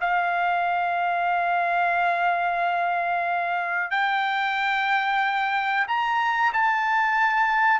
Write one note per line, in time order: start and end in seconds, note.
0.00 3.90 F5
3.90 5.86 G5
5.87 6.52 A#5
6.53 7.80 A5